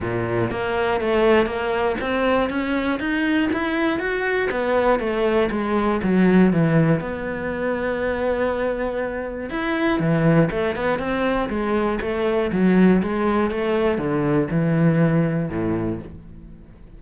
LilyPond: \new Staff \with { instrumentName = "cello" } { \time 4/4 \tempo 4 = 120 ais,4 ais4 a4 ais4 | c'4 cis'4 dis'4 e'4 | fis'4 b4 a4 gis4 | fis4 e4 b2~ |
b2. e'4 | e4 a8 b8 c'4 gis4 | a4 fis4 gis4 a4 | d4 e2 a,4 | }